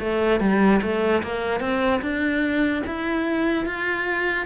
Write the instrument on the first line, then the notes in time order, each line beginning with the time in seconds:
cello
0.00 A3
0.41 G3
0.82 A3
1.23 A#3
1.61 C4
2.02 D4
2.87 E4
3.66 F4